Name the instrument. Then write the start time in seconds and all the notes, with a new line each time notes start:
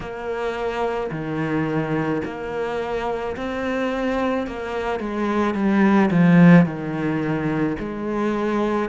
cello
0.00 A#3
1.11 D#3
2.25 A#3
3.36 C4
4.46 A#3
4.99 G#3
5.54 G3
6.11 F3
6.65 D#3
7.79 G#3